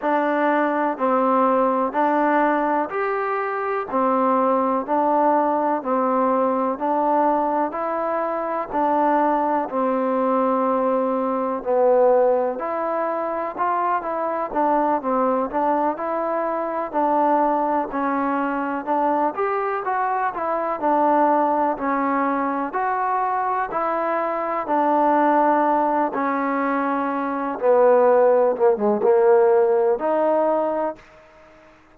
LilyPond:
\new Staff \with { instrumentName = "trombone" } { \time 4/4 \tempo 4 = 62 d'4 c'4 d'4 g'4 | c'4 d'4 c'4 d'4 | e'4 d'4 c'2 | b4 e'4 f'8 e'8 d'8 c'8 |
d'8 e'4 d'4 cis'4 d'8 | g'8 fis'8 e'8 d'4 cis'4 fis'8~ | fis'8 e'4 d'4. cis'4~ | cis'8 b4 ais16 gis16 ais4 dis'4 | }